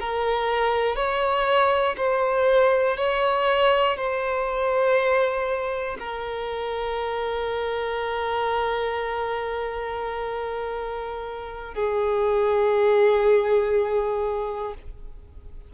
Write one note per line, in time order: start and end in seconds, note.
0.00 0.96 A#4
0.96 1.96 C#5
1.97 2.97 C5
2.97 3.97 C#5
3.97 5.97 C5
6.00 11.75 A#4
11.75 14.75 G#4